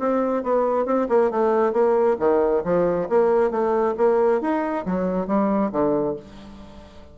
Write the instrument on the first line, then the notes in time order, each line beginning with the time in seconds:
bassoon
0.00 C4
0.44 B3
0.86 C4
1.09 A#3
1.31 A3
1.73 A#3
2.20 D#3
2.65 F3
3.10 A#3
3.51 A3
3.97 A#3
4.42 D#4
4.86 F#3
5.28 G3
5.73 D3